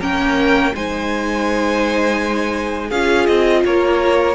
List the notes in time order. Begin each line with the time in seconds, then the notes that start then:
0.00 A#3 C#4 A#4 G5
0.75 G#3 D#4 C5 G#5
2.88 C#4 F4 G#4 F5
3.26 C4 D#5
3.65 A#3 A#4 C#5